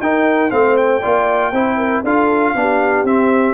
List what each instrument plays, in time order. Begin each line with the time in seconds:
0.00 tuba D#4, trombone D#4, horn A#4, trumpet G5
0.50 tuba A3, trombone C4, horn C5, trumpet F5
0.77 trumpet G5
1.01 tuba A#3, trombone F4, horn D5
1.52 tuba C4, trombone E4, horn C5
1.77 horn A#4
2.03 tuba D4, trombone F4, horn A4, trumpet F5
2.55 tuba B3, trombone D4, horn G4
3.03 tuba C4, trombone C4, trumpet E5